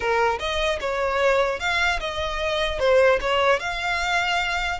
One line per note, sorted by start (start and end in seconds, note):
0.00 0.39 A#4
0.39 0.79 D#5
0.80 1.59 C#5
1.59 1.99 F5
2.00 2.79 D#5
2.79 3.19 C5
3.20 3.59 C#5
3.59 4.79 F5